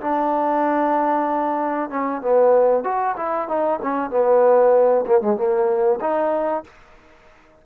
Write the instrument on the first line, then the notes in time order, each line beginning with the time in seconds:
trombone
0.00 D4
1.89 C#4
2.21 B3
2.83 F#4
3.16 E4
3.48 D#4
3.82 C#4
4.10 B3
5.06 A#3
5.21 G#3
5.36 A#3
6.00 D#4